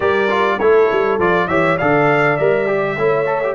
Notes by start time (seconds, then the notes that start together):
0.00 G3 G4 A#4 D5
0.29 F4
0.59 A3 E4 A4 C#5
0.91 G3
1.18 F3 F4 D5
1.47 E3 G4 C#5 E5
1.76 D3 A4 D5 F5
2.36 G3 A#4 E5
2.67 G4
2.97 A3 E4 C#5
3.26 A4
3.43 G4